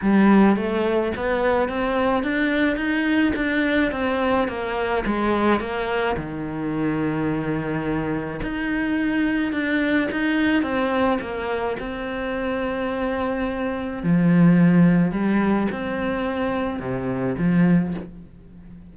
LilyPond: \new Staff \with { instrumentName = "cello" } { \time 4/4 \tempo 4 = 107 g4 a4 b4 c'4 | d'4 dis'4 d'4 c'4 | ais4 gis4 ais4 dis4~ | dis2. dis'4~ |
dis'4 d'4 dis'4 c'4 | ais4 c'2.~ | c'4 f2 g4 | c'2 c4 f4 | }